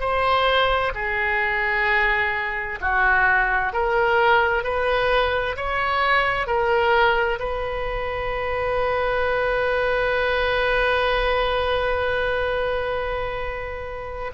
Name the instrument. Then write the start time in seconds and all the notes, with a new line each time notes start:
oboe
0.00 C5
0.94 G#4
2.81 F#4
3.73 A#4
4.64 B4
5.56 C#5
6.47 A#4
7.39 B4